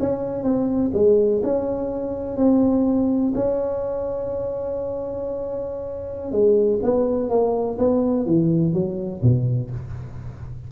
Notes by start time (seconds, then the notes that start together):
0.00 C#4
0.43 C4
0.94 G#3
1.43 C#4
2.37 C4
3.35 C#4
6.32 G#3
6.82 B3
7.30 A#3
7.78 B3
8.26 E3
8.73 F#3
9.22 B2